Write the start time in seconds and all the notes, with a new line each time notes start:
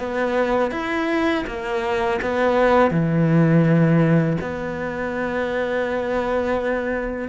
0.00 B3
0.72 E4
1.47 A#3
2.22 B3
2.91 E3
4.41 B3